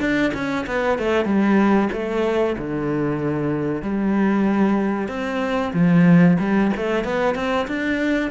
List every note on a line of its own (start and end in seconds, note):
0.00 0.32 D4
0.34 0.66 C#4
0.67 0.99 B3
0.99 1.25 A3
1.25 1.89 G3
1.92 2.56 A3
2.58 3.82 D3
3.82 5.08 G3
5.08 5.72 C4
5.73 6.37 F3
6.39 6.71 G3
6.77 7.04 A3
7.04 7.35 B3
7.35 7.67 C4
7.67 8.31 D4